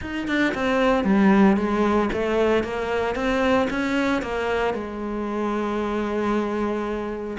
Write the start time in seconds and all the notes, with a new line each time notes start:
0.01 D#4
0.27 D4
0.54 C4
1.04 G3
1.56 G#3
2.12 A3
2.63 A#3
3.15 C4
3.70 C#4
4.22 A#3
4.74 G#3